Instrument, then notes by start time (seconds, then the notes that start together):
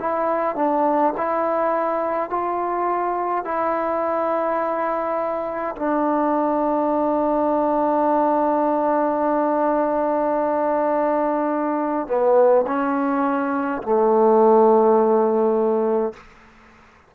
trombone
0.00 E4
0.56 D4
1.17 E4
2.30 F4
3.45 E4
5.76 D4
12.07 B3
12.67 C#4
13.83 A3